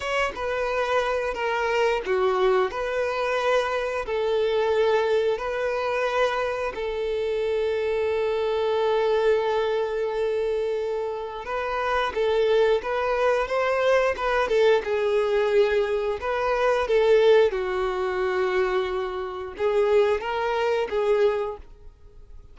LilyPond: \new Staff \with { instrumentName = "violin" } { \time 4/4 \tempo 4 = 89 cis''8 b'4. ais'4 fis'4 | b'2 a'2 | b'2 a'2~ | a'1~ |
a'4 b'4 a'4 b'4 | c''4 b'8 a'8 gis'2 | b'4 a'4 fis'2~ | fis'4 gis'4 ais'4 gis'4 | }